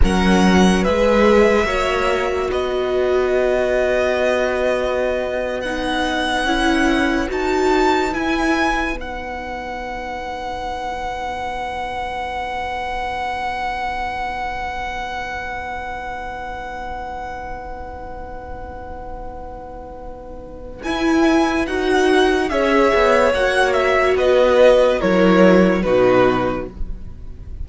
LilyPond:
<<
  \new Staff \with { instrumentName = "violin" } { \time 4/4 \tempo 4 = 72 fis''4 e''2 dis''4~ | dis''2~ dis''8. fis''4~ fis''16~ | fis''8. a''4 gis''4 fis''4~ fis''16~ | fis''1~ |
fis''1~ | fis''1~ | fis''4 gis''4 fis''4 e''4 | fis''8 e''8 dis''4 cis''4 b'4 | }
  \new Staff \with { instrumentName = "violin" } { \time 4/4 ais'4 b'4 cis''4 b'4~ | b'1~ | b'1~ | b'1~ |
b'1~ | b'1~ | b'2. cis''4~ | cis''4 b'4 ais'4 fis'4 | }
  \new Staff \with { instrumentName = "viola" } { \time 4/4 cis'4 gis'4 fis'2~ | fis'2~ fis'8. dis'4 e'16~ | e'8. fis'4 e'4 dis'4~ dis'16~ | dis'1~ |
dis'1~ | dis'1~ | dis'4 e'4 fis'4 gis'4 | fis'2 e'4 dis'4 | }
  \new Staff \with { instrumentName = "cello" } { \time 4/4 fis4 gis4 ais4 b4~ | b2.~ b8. cis'16~ | cis'8. dis'4 e'4 b4~ b16~ | b1~ |
b1~ | b1~ | b4 e'4 dis'4 cis'8 b8 | ais4 b4 fis4 b,4 | }
>>